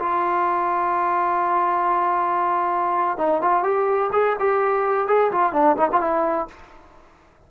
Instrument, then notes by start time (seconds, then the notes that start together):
trombone
0.00 F4
3.18 D#4
3.42 F4
3.64 G4
4.13 G#4
4.40 G4
5.08 G#4
5.32 F4
5.53 D4
5.77 D#4
5.93 F4
6.01 E4